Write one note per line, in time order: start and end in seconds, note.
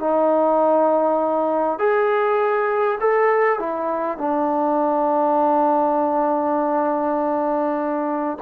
0.00 1.79 D#4
1.79 2.99 G#4
3.01 3.59 A4
3.59 4.19 E4
4.19 8.39 D4